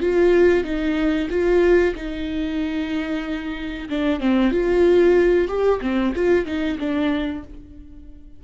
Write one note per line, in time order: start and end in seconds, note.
0.00 0.63 F4
0.63 1.28 D#4
1.30 1.94 F4
1.95 3.88 D#4
3.89 4.20 D4
4.20 4.51 C4
4.51 5.48 F4
5.48 5.80 G4
5.81 6.13 C4
6.15 6.45 F4
6.45 6.78 D#4
6.79 7.43 D4